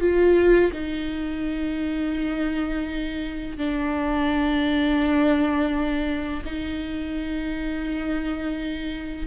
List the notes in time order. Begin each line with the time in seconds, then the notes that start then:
0.00 F4
0.72 D#4
3.57 D4
6.45 D#4